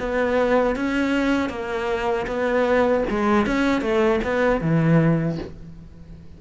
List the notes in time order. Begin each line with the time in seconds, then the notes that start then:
0.00 B3
0.76 C#4
1.50 A#3
2.28 B3
3.10 G#3
3.47 C#4
3.82 A3
4.24 B3
4.62 E3